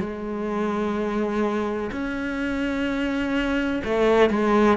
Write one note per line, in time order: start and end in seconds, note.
0.00 1.90 G#3
1.92 3.82 C#4
3.84 4.30 A3
4.30 4.77 G#3